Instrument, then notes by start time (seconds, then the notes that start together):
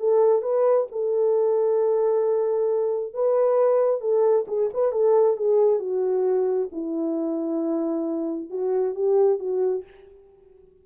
horn
0.00 A4
0.42 B4
0.92 A4
3.14 B4
4.01 A4
4.48 G#4
4.74 B4
4.92 A4
5.37 G#4
5.79 F#4
6.72 E4
8.50 F#4
8.95 G4
9.39 F#4